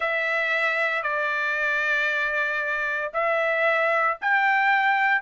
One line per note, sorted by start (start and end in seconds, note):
0.00 1.02 E5
1.02 3.11 D5
3.13 4.17 E5
4.21 5.21 G5